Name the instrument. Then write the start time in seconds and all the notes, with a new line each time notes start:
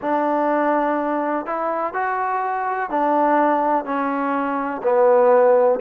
trombone
0.01 D4
1.46 E4
1.94 F#4
2.90 D4
3.84 C#4
4.82 B3